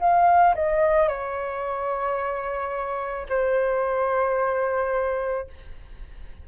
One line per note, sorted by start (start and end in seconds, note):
0.00 0.55 F5
0.56 1.09 D#5
1.09 3.27 C#5
3.29 5.47 C5